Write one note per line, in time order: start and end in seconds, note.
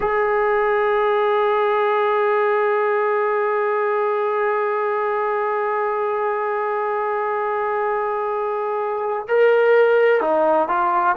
0.00 9.26 G#4
9.28 10.20 A#4
10.20 10.68 D#4
10.68 11.16 F4